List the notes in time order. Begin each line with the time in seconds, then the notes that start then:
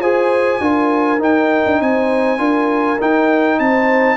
0.00 F4 G#4 C5 G#5
0.60 D4 F4 A#4
1.19 D#4 G5
1.66 D4
1.80 C4 C5 G#5
2.38 D4 F4 A#4
3.00 D#4 G5
3.59 C4 C5 A5